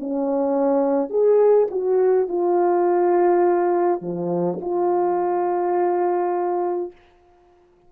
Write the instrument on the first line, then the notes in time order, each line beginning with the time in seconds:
horn
0.00 C#4
1.10 G#4
1.71 F#4
2.29 F4
4.02 F3
4.62 F4